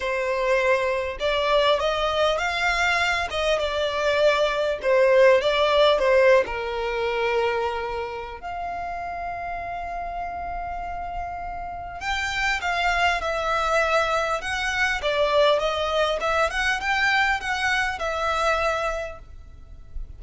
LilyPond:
\new Staff \with { instrumentName = "violin" } { \time 4/4 \tempo 4 = 100 c''2 d''4 dis''4 | f''4. dis''8 d''2 | c''4 d''4 c''8. ais'4~ ais'16~ | ais'2 f''2~ |
f''1 | g''4 f''4 e''2 | fis''4 d''4 dis''4 e''8 fis''8 | g''4 fis''4 e''2 | }